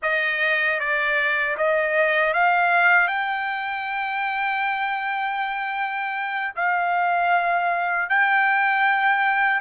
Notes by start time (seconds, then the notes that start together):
0.02 D#5
0.79 D5
1.57 D#5
2.33 F5
3.07 G5
6.55 F5
8.09 G5